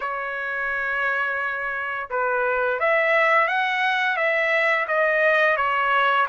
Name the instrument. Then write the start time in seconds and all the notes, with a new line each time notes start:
trumpet
0.00 C#5
2.10 B4
2.79 E5
3.47 F#5
4.16 E5
4.87 D#5
5.57 C#5